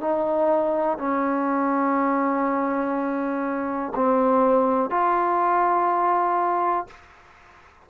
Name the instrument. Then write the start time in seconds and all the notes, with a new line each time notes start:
trombone
0.00 D#4
0.97 C#4
3.94 C4
4.90 F4